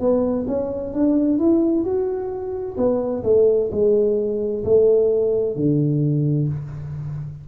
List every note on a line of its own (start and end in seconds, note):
0.00 0.46 B3
0.47 0.94 C#4
0.94 1.39 D4
1.39 1.84 E4
1.84 2.76 F#4
2.77 3.23 B3
3.24 3.70 A3
3.72 4.64 G#3
4.64 5.56 A3
5.56 6.48 D3